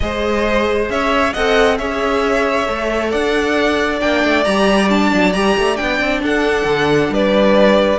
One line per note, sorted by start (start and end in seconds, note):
0.00 0.89 G#3
0.00 1.35 G#4
0.00 0.91 C5
0.00 0.89 D#5
0.89 1.34 C#4
0.89 1.33 C#5
0.89 1.33 E5
1.33 1.79 C4
1.33 1.78 A4
1.33 1.77 D#5
1.33 1.77 F#5
1.78 2.68 C#4
1.78 2.66 G#4
1.78 3.10 C#5
1.78 3.11 E5
2.66 3.13 A3
2.66 3.99 A4
3.10 4.01 D4
3.10 6.21 D5
3.10 4.00 F#5
3.99 4.23 A#3
3.99 4.44 D4
3.99 4.44 G5
4.24 4.45 A3
4.44 5.12 G3
4.44 4.89 G4
4.44 4.88 A#5
4.89 5.33 D4
4.89 5.32 A5
5.13 5.34 F#3
5.32 5.56 G3
5.32 5.77 G4
5.32 5.76 A#5
5.57 5.79 A3
5.76 6.00 B3
5.76 7.98 D4
5.76 6.20 G5
6.00 6.22 C4
6.22 6.64 D4
6.22 7.12 A4
6.22 7.13 F#5
6.64 7.09 D3
7.10 7.98 G3
7.10 7.98 B4
7.10 7.98 D5